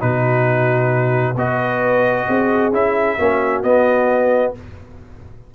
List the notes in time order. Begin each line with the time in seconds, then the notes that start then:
0.00 B2 D#4 F#4 B4
1.36 B3 F#4 B4 D#5
2.28 C4 G#4
2.73 C#4 E4 E5
3.19 A#3 C#4 F#4
3.63 B3 D#5